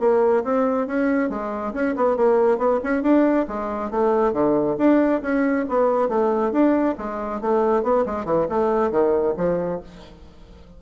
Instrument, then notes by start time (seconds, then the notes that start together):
bassoon
0.00 A#3
0.44 C4
0.87 C#4
1.30 G#3
1.74 C#4
1.96 B3
2.17 A#3
2.58 B3
2.84 C#4
3.03 D4
3.48 G#3
3.91 A3
4.33 D3
4.78 D4
5.22 C#4
5.69 B3
6.09 A3
6.52 D4
6.98 G#3
7.41 A3
7.83 B3
8.06 G#3
8.25 E3
8.49 A3
8.91 D#3
9.37 F3